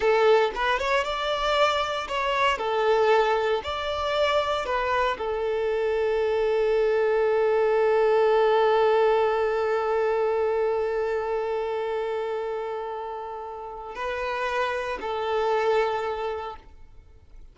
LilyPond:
\new Staff \with { instrumentName = "violin" } { \time 4/4 \tempo 4 = 116 a'4 b'8 cis''8 d''2 | cis''4 a'2 d''4~ | d''4 b'4 a'2~ | a'1~ |
a'1~ | a'1~ | a'2. b'4~ | b'4 a'2. | }